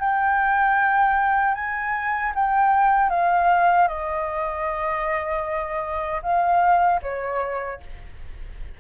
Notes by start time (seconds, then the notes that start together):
0.00 G5
1.55 G#5
2.36 G5
3.10 F5
3.88 D#5
6.23 F5
7.02 C#5